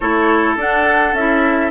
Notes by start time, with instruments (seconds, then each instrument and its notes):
0.00 bassoon A3, clarinet E4, oboe A4, flute C#5
0.56 bassoon D4, clarinet D4, flute F#5
1.13 bassoon C#4, clarinet E4, flute E5